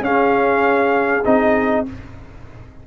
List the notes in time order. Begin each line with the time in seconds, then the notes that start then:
0.00 C#4 G#4 F5
1.24 C4 D#4 D#5